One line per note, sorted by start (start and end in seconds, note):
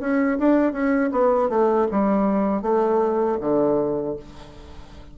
0.00 0.38 C#4
0.39 0.72 D4
0.72 1.10 C#4
1.12 1.49 B3
1.49 1.87 A3
1.91 2.62 G3
2.62 3.38 A3
3.40 4.16 D3